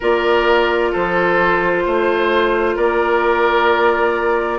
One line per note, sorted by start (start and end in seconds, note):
0.00 0.94 A#3
0.00 4.58 F4
0.00 0.91 A#4
0.00 0.93 D5
0.91 1.86 F3
0.91 1.83 A4
0.91 2.77 C5
1.85 2.77 A3
1.85 2.76 C5
2.76 4.58 A#3
2.76 4.58 A#4
2.76 4.58 D5